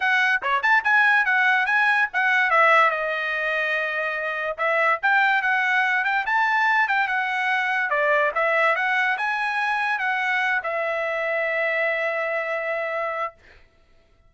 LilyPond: \new Staff \with { instrumentName = "trumpet" } { \time 4/4 \tempo 4 = 144 fis''4 cis''8 a''8 gis''4 fis''4 | gis''4 fis''4 e''4 dis''4~ | dis''2. e''4 | g''4 fis''4. g''8 a''4~ |
a''8 g''8 fis''2 d''4 | e''4 fis''4 gis''2 | fis''4. e''2~ e''8~ | e''1 | }